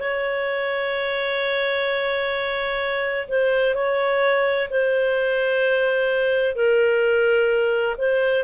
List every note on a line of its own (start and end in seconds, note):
0.00 3.28 C#5
3.28 3.75 C5
3.75 4.69 C#5
4.70 6.55 C5
6.55 7.96 A#4
7.98 8.44 C5